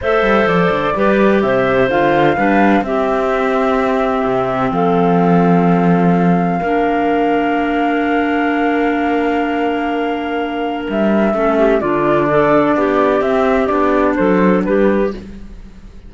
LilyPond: <<
  \new Staff \with { instrumentName = "flute" } { \time 4/4 \tempo 4 = 127 e''4 d''2 e''4 | f''2 e''2~ | e''2 f''2~ | f''1~ |
f''1~ | f''2. e''4~ | e''4 d''2. | e''4 d''4 c''4 b'4 | }
  \new Staff \with { instrumentName = "clarinet" } { \time 4/4 c''2 b'4 c''4~ | c''4 b'4 g'2~ | g'2 a'2~ | a'2 ais'2~ |
ais'1~ | ais'1 | a'8 g'8 f'4 a'4 g'4~ | g'2 a'4 g'4 | }
  \new Staff \with { instrumentName = "clarinet" } { \time 4/4 a'2 g'2 | f'4 d'4 c'2~ | c'1~ | c'2 d'2~ |
d'1~ | d'1 | cis'4 d'2. | c'4 d'2. | }
  \new Staff \with { instrumentName = "cello" } { \time 4/4 a8 g8 f8 d8 g4 c4 | d4 g4 c'2~ | c'4 c4 f2~ | f2 ais2~ |
ais1~ | ais2. g4 | a4 d2 b4 | c'4 b4 fis4 g4 | }
>>